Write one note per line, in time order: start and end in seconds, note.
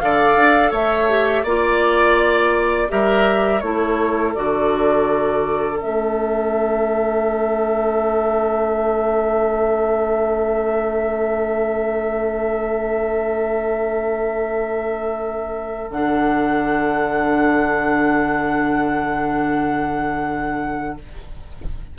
0.00 0.36 D3
0.00 1.09 A4
0.00 0.71 D5
0.00 0.72 F5
0.36 0.71 D4
0.71 1.44 A3
0.71 1.43 C#5
0.71 1.46 E5
1.09 1.45 G4
1.43 2.88 A#3
1.43 2.88 F4
1.43 2.87 D5
1.43 2.91 D5
2.88 3.62 G3
2.88 3.60 G4
2.88 3.63 A#4
2.88 3.60 E5
3.60 4.34 A3
3.60 4.35 E4
3.60 20.98 A4
3.60 4.32 C#5
4.34 5.82 D3
4.34 5.75 F#4
4.34 5.79 D5
5.75 15.87 C#4
5.81 15.90 A3
5.81 15.91 E5
15.90 20.96 D3
15.90 20.98 D4
15.90 20.97 F#5